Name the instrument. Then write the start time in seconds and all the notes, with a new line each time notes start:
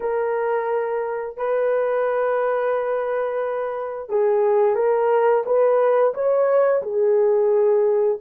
horn
0.00 A#4
1.36 B4
4.09 G#4
4.75 A#4
5.45 B4
6.14 C#5
6.82 G#4